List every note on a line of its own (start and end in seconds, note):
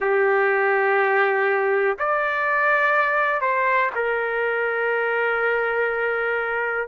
0.00 1.97 G4
1.99 3.41 D5
3.41 3.90 C5
3.95 6.88 A#4